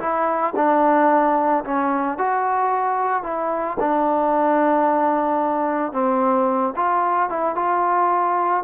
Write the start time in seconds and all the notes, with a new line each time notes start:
0.00 E4
0.56 D4
1.65 C#4
2.18 F#4
3.24 E4
3.80 D4
5.93 C4
6.76 F4
7.30 E4
7.56 F4